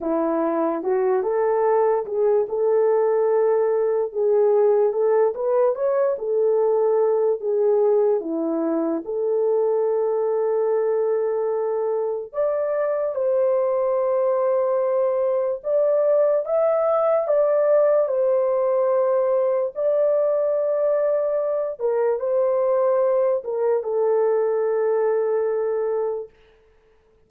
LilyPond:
\new Staff \with { instrumentName = "horn" } { \time 4/4 \tempo 4 = 73 e'4 fis'8 a'4 gis'8 a'4~ | a'4 gis'4 a'8 b'8 cis''8 a'8~ | a'4 gis'4 e'4 a'4~ | a'2. d''4 |
c''2. d''4 | e''4 d''4 c''2 | d''2~ d''8 ais'8 c''4~ | c''8 ais'8 a'2. | }